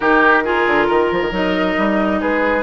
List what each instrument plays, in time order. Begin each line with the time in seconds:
0.00 bassoon D#3, clarinet D#4, oboe G4, flute A#4
0.44 clarinet F4, oboe G#4
0.66 bassoon D3
0.87 bassoon D#3, oboe A#4
1.11 bassoon F3
1.21 bassoon D#3
1.31 bassoon F#3, clarinet D#4, flute D#5
1.78 bassoon G3
2.20 bassoon G#3, oboe G#4, flute B4